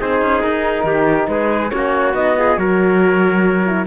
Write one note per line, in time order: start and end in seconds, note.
0.00 0.21 C4
0.00 1.71 D#4
0.00 0.86 G#4
0.00 0.41 C5
0.21 0.43 C#4
0.41 0.84 D#4
0.41 1.27 A#4
0.84 1.27 D#3
0.84 1.29 G4
1.29 1.72 G#3
1.29 1.74 G#4
1.29 1.70 B4
1.70 2.14 A#3
1.70 2.14 C#4
1.70 2.39 F#4
1.70 2.13 C#5
2.14 2.57 B3
2.14 2.36 D#4
2.14 2.57 D#5
2.36 2.57 F4
2.36 2.59 G#4
2.57 3.86 F#3
2.57 3.65 F#4
2.57 3.86 A#4
2.57 3.86 C#5
3.66 3.86 E4